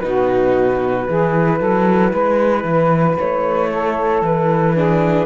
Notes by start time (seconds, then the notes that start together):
0.00 B2 D#4 F#4 B4
1.07 E3 E4 G#4
1.58 F#3 A4
2.12 G#3 B4
2.64 E3
3.18 A3 C#5
3.71 A4
4.21 E3 B4
4.75 D4 G#4